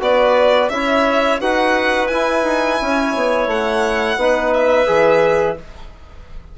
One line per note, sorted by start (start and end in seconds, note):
0.00 0.69 B3
0.00 0.70 F#4
0.00 0.71 B4
0.00 0.69 D5
0.69 1.39 C#4
0.69 1.41 E4
0.69 1.41 C#5
0.69 1.39 E5
1.41 2.11 D#4
1.41 2.10 F#4
1.41 2.81 B4
1.41 2.07 F#5
2.07 4.19 E4
2.07 2.43 E4
2.07 3.47 G#5
2.43 2.78 D#4
2.81 3.15 C#4
2.81 4.18 C#5
3.15 3.47 B3
3.47 4.17 A3
3.47 4.53 F#5
4.17 4.87 B3
4.17 4.86 D#4
4.17 5.57 B4
4.53 5.58 E5
4.86 5.58 E3
4.86 5.56 G#4